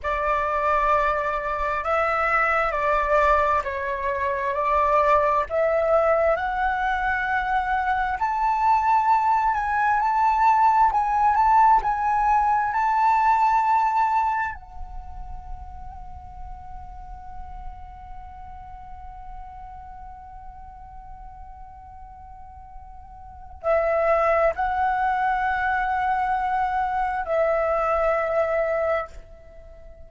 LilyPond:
\new Staff \with { instrumentName = "flute" } { \time 4/4 \tempo 4 = 66 d''2 e''4 d''4 | cis''4 d''4 e''4 fis''4~ | fis''4 a''4. gis''8 a''4 | gis''8 a''8 gis''4 a''2 |
fis''1~ | fis''1~ | fis''2 e''4 fis''4~ | fis''2 e''2 | }